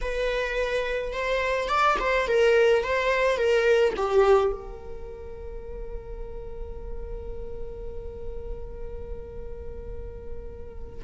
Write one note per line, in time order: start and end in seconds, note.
0.01 1.12 B4
1.12 1.68 C5
1.68 1.97 D5
1.99 2.27 C5
2.27 2.83 A#4
2.83 3.37 C5
3.37 3.93 A#4
3.96 4.52 G4
4.52 11.02 A#4